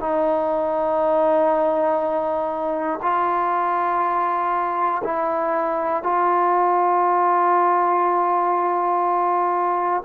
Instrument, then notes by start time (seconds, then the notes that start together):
trombone
0.00 D#4
3.02 F4
5.04 E4
6.03 F4